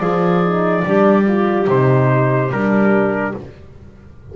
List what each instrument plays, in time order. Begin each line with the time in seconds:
0.00 double bass F3, horn F4, clarinet G#4, trumpet D5
0.44 horn D#4
0.84 double bass G3, horn D4, clarinet G4
1.28 horn F4
1.68 double bass C3, horn D#4, trumpet C5
2.51 double bass G3, horn D4, trumpet A#4